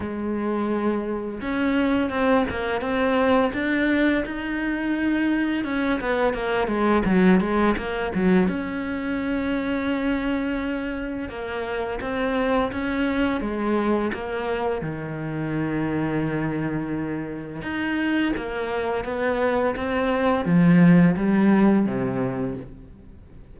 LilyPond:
\new Staff \with { instrumentName = "cello" } { \time 4/4 \tempo 4 = 85 gis2 cis'4 c'8 ais8 | c'4 d'4 dis'2 | cis'8 b8 ais8 gis8 fis8 gis8 ais8 fis8 | cis'1 |
ais4 c'4 cis'4 gis4 | ais4 dis2.~ | dis4 dis'4 ais4 b4 | c'4 f4 g4 c4 | }